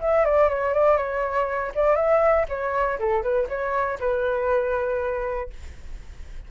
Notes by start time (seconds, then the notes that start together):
0.00 E5
0.25 D5
0.49 C#5
0.74 D5
0.97 C#5
1.75 D5
1.95 E5
2.48 C#5
2.99 A4
3.22 B4
3.48 C#5
4.00 B4